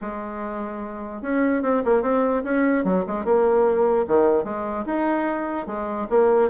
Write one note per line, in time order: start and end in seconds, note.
0.01 1.22 G#3
1.22 1.62 C#4
1.62 1.82 C4
1.84 2.02 A#3
2.02 2.42 C4
2.44 2.84 C#4
2.84 3.04 F#3
3.06 3.24 G#3
3.24 4.05 A#3
4.07 4.44 D#3
4.44 4.84 G#3
4.85 5.66 D#4
5.66 6.07 G#3
6.09 6.49 A#3